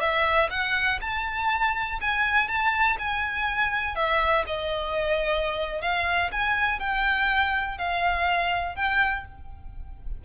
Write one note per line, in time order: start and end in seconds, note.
0.00 0.49 E5
0.50 0.99 F#5
1.01 1.99 A5
2.01 2.48 G#5
2.48 2.97 A5
2.98 3.95 G#5
3.95 4.44 E5
4.46 5.81 D#5
5.81 6.30 F5
6.31 6.79 G#5
6.79 7.77 G5
7.77 8.75 F5
8.75 9.24 G5